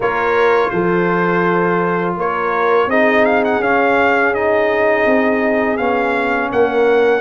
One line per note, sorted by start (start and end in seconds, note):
0.00 0.68 A#3
0.00 2.90 F4
0.00 0.70 A#4
0.00 0.70 C#5
0.70 2.16 F3
0.70 2.17 A4
0.70 2.14 C5
2.16 2.87 A#3
2.16 2.89 A#4
2.16 2.89 C#5
2.87 3.59 C4
2.87 3.63 D#4
2.87 6.51 G#4
2.87 3.25 D#5
3.25 3.43 F5
3.44 3.62 F#5
3.59 5.04 C#4
3.59 4.35 C#4
3.59 4.34 F5
4.34 5.78 D#4
4.34 5.77 D#5
5.06 5.78 C4
5.77 6.50 B3
5.77 7.21 C#4
5.77 6.49 F5
6.52 7.21 A#3
6.52 7.21 A#4
6.52 7.21 F#5